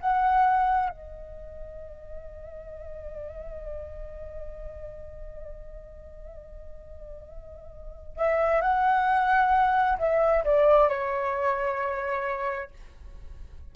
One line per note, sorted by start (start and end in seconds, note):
0.00 0.89 F#5
0.89 8.16 D#5
8.16 8.61 E5
8.61 9.97 F#5
9.98 10.43 E5
10.44 10.88 D5
10.88 12.70 C#5